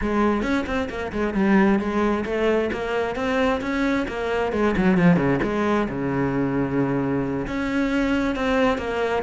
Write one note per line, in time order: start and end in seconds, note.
0.01 0.42 G#3
0.42 0.65 C#4
0.66 0.88 C4
0.89 1.12 A#3
1.12 1.33 G#3
1.33 1.79 G3
1.79 2.24 G#3
2.25 2.70 A3
2.72 3.15 A#3
3.15 3.60 C4
3.61 4.06 C#4
4.07 4.52 A#3
4.52 4.75 G#3
4.76 4.97 F#3
4.97 5.16 F3
5.16 5.39 C#3
5.43 5.88 G#3
5.89 7.46 C#3
7.47 8.35 C#4
8.35 8.78 C4
8.78 9.22 A#3